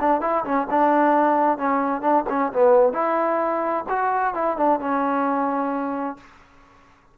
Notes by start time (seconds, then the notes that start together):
0.00 D4
0.21 E4
0.45 C#4
0.70 D4
1.58 C#4
2.01 D4
2.29 C#4
2.53 B3
2.93 E4
3.89 F#4
4.34 E4
4.57 D4
4.80 C#4